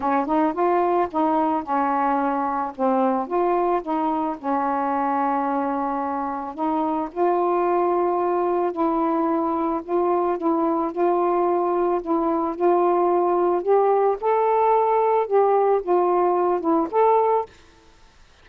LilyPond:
\new Staff \with { instrumentName = "saxophone" } { \time 4/4 \tempo 4 = 110 cis'8 dis'8 f'4 dis'4 cis'4~ | cis'4 c'4 f'4 dis'4 | cis'1 | dis'4 f'2. |
e'2 f'4 e'4 | f'2 e'4 f'4~ | f'4 g'4 a'2 | g'4 f'4. e'8 a'4 | }